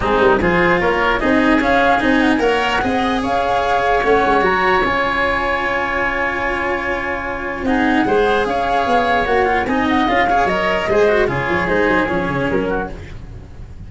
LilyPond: <<
  \new Staff \with { instrumentName = "flute" } { \time 4/4 \tempo 4 = 149 gis'8 ais'8 c''4 cis''4 dis''4 | f''4 gis''8 fis''16 gis''16 fis''2 | f''2 fis''4 ais''4 | gis''1~ |
gis''2. fis''4~ | fis''4 f''2 fis''4 | gis''8 fis''8 f''4 dis''2 | cis''4 c''4 cis''4 ais'4 | }
  \new Staff \with { instrumentName = "oboe" } { \time 4/4 dis'4 gis'4 ais'4 gis'4~ | gis'2 cis''4 dis''4 | cis''1~ | cis''1~ |
cis''2. gis'4 | c''4 cis''2. | dis''4. cis''4. c''4 | gis'2.~ gis'8 fis'8 | }
  \new Staff \with { instrumentName = "cello" } { \time 4/4 c'4 f'2 dis'4 | cis'4 dis'4 ais'4 gis'4~ | gis'2 cis'4 fis'4 | f'1~ |
f'2. dis'4 | gis'2. fis'8 f'8 | dis'4 f'8 gis'8 ais'4 gis'8 fis'8 | f'4 dis'4 cis'2 | }
  \new Staff \with { instrumentName = "tuba" } { \time 4/4 gis8 g8 f4 ais4 c'4 | cis'4 c'4 ais4 c'4 | cis'2 a8 gis8 fis4 | cis'1~ |
cis'2. c'4 | gis4 cis'4 b4 ais4 | c'4 cis'4 fis4 gis4 | cis8 f8 gis8 fis8 f8 cis8 fis4 | }
>>